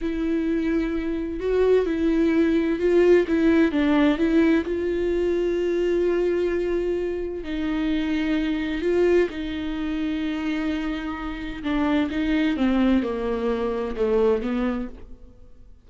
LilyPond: \new Staff \with { instrumentName = "viola" } { \time 4/4 \tempo 4 = 129 e'2. fis'4 | e'2 f'4 e'4 | d'4 e'4 f'2~ | f'1 |
dis'2. f'4 | dis'1~ | dis'4 d'4 dis'4 c'4 | ais2 a4 b4 | }